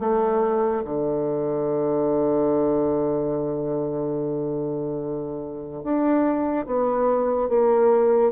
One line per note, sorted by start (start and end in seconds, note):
0.00 0.83 A3
0.85 5.84 D3
5.84 6.66 D4
6.66 7.49 B3
7.49 8.32 A#3